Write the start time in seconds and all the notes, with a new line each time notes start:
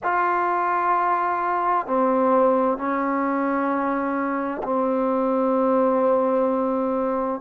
0.03 F4
1.87 C4
2.77 C#4
4.63 C4